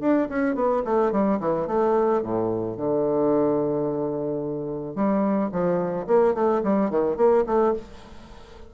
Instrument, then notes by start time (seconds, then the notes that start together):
bassoon
0.00 D4
0.29 C#4
0.55 B3
0.84 A3
1.12 G3
1.40 E3
1.67 A3
2.22 A2
2.77 D3
4.95 G3
5.51 F3
6.07 A#3
6.34 A3
6.63 G3
6.90 D#3
7.17 A#3
7.46 A3